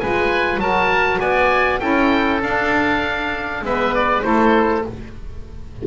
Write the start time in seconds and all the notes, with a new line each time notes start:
0.00 G#3 F4 B4 G#5
0.58 F#3 F#4 A#4 A5
1.20 B3 D5 G#5
1.80 C#4 E4 A4 G5
2.42 D4 F5
3.62 G#3 B3 B4 E5
3.95 D5
4.22 A3 E4 A4 C5